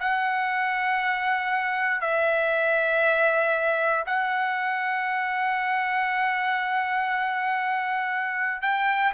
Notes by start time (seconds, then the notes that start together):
0.00 F#5
2.01 E5
4.07 F#5
8.62 G5